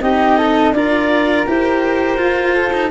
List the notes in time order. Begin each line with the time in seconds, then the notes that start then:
0.00 C4 D#4 G4 D#5
0.37 A4
0.72 D4 F4 A#4 D5
1.47 E4 G4 C5
2.17 F4
2.54 A4
2.73 D#4